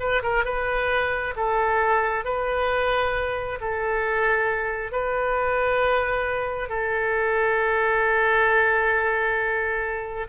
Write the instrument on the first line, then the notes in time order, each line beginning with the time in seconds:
oboe
0.00 B4
0.22 A#4
0.45 B4
1.36 A4
2.25 B4
3.61 A4
4.92 B4
6.69 A4